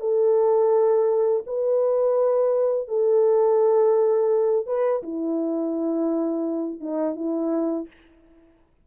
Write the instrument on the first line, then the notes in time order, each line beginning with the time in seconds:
horn
0.00 A4
1.46 B4
2.88 A4
4.67 B4
5.03 E4
6.80 D#4
7.16 E4